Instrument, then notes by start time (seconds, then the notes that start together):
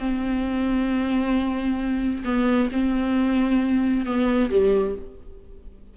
viola
0.00 C4
2.25 B3
2.72 C4
4.06 B3
4.51 G3